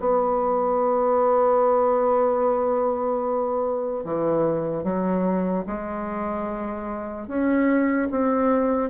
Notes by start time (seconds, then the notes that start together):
0.00 B3
4.05 E3
4.84 F#3
5.67 G#3
7.28 C#4
8.11 C4